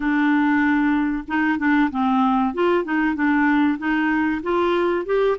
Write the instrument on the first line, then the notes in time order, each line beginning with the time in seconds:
clarinet
0.00 D4
1.27 D#4
1.58 D4
1.90 C4
2.53 F4
2.84 D#4
3.15 D4
3.78 D#4
4.42 F4
5.05 G4